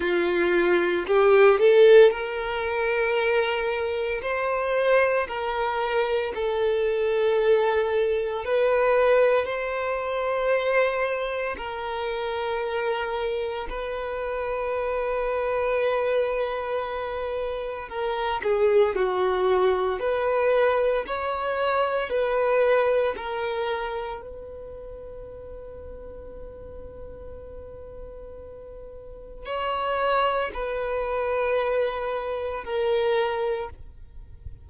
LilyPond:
\new Staff \with { instrumentName = "violin" } { \time 4/4 \tempo 4 = 57 f'4 g'8 a'8 ais'2 | c''4 ais'4 a'2 | b'4 c''2 ais'4~ | ais'4 b'2.~ |
b'4 ais'8 gis'8 fis'4 b'4 | cis''4 b'4 ais'4 b'4~ | b'1 | cis''4 b'2 ais'4 | }